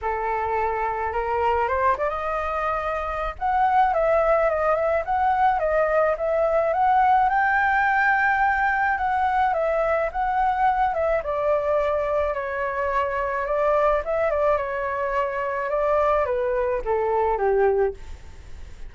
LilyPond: \new Staff \with { instrumentName = "flute" } { \time 4/4 \tempo 4 = 107 a'2 ais'4 c''8 d''16 dis''16~ | dis''2 fis''4 e''4 | dis''8 e''8 fis''4 dis''4 e''4 | fis''4 g''2. |
fis''4 e''4 fis''4. e''8 | d''2 cis''2 | d''4 e''8 d''8 cis''2 | d''4 b'4 a'4 g'4 | }